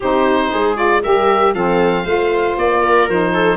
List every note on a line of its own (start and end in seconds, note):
0.00 0.52 C4
0.00 0.75 D#4
0.00 0.50 G4
0.00 0.76 C5
0.51 1.03 G#3
0.51 1.02 G#4
0.75 1.00 F4
0.75 1.02 D5
1.03 1.54 G3
1.03 1.54 G4
1.03 1.54 A#4
1.03 1.54 E5
1.54 2.04 F3
1.54 2.05 C4
1.54 2.03 A4
1.54 2.56 F5
2.03 2.56 A3
2.03 3.08 F4
2.03 2.80 C5
2.57 3.08 A#3
2.57 3.09 D5
2.81 3.33 A#4
3.08 3.57 F3
3.08 3.57 D#4
3.08 3.57 C5
3.33 3.57 A4